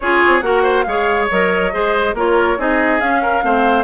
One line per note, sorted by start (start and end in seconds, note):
0.00 0.22 C#4
0.00 0.42 F4
0.00 0.44 G#4
0.00 0.41 C#5
0.26 0.42 C4
0.41 0.84 A#3
0.41 0.85 F#4
0.41 0.62 A#4
0.41 0.82 F#5
0.62 0.84 C5
0.82 1.29 G#3
0.82 1.30 G#4
0.82 1.73 C#5
0.82 1.25 F5
1.30 1.73 F#3
1.30 1.72 A#4
1.30 2.15 D#5
1.72 2.13 G#3
1.72 2.15 G#4
1.72 2.15 C5
2.13 2.56 A#3
2.13 2.58 F4
2.13 2.58 A#4
2.13 2.60 C#5
2.58 3.00 C4
2.58 3.00 D#4
2.58 3.22 G#4
2.58 3.00 D#5
3.00 3.42 C#4
3.00 3.83 F5
3.22 3.43 A#4
3.42 3.83 A3
3.42 3.83 C4
3.42 3.83 C5